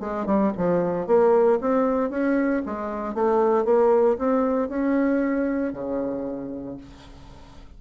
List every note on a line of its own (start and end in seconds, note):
0.00 0.26 G#3
0.26 0.52 G3
0.57 1.07 F3
1.07 1.59 A#3
1.60 2.10 C4
2.10 2.62 C#4
2.65 3.14 G#3
3.14 3.65 A3
3.65 4.17 A#3
4.18 4.69 C4
4.69 5.72 C#4
5.72 6.77 C#3